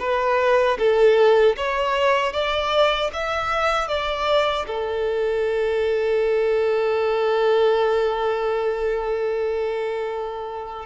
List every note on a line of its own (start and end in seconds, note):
0.00 0.78 B4
0.79 1.57 A4
1.57 2.33 C#5
2.33 3.11 D5
3.14 3.89 E5
3.89 4.66 D5
4.68 10.86 A4